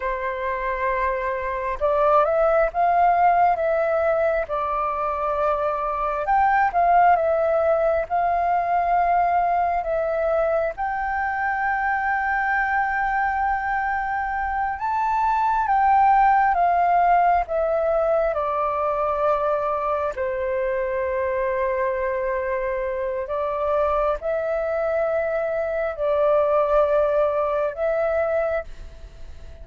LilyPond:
\new Staff \with { instrumentName = "flute" } { \time 4/4 \tempo 4 = 67 c''2 d''8 e''8 f''4 | e''4 d''2 g''8 f''8 | e''4 f''2 e''4 | g''1~ |
g''8 a''4 g''4 f''4 e''8~ | e''8 d''2 c''4.~ | c''2 d''4 e''4~ | e''4 d''2 e''4 | }